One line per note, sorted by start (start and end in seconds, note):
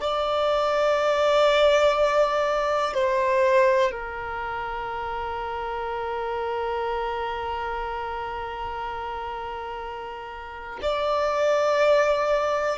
0.00 2.94 D5
2.94 3.91 C5
3.91 10.80 A#4
10.82 12.78 D5